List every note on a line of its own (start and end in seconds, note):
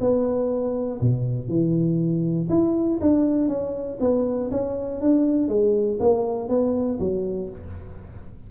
0.00 1.00 B3
1.01 1.48 B2
1.48 2.48 E3
2.49 2.99 E4
3.01 3.48 D4
3.48 3.98 C#4
4.00 4.50 B3
4.51 5.01 C#4
5.01 5.48 D4
5.48 5.98 G#3
5.99 6.48 A#3
6.48 6.98 B3
6.99 7.49 F#3